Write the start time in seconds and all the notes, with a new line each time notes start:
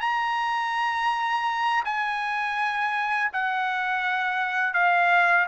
0.00 A#5
1.84 G#5
3.33 F#5
4.73 F5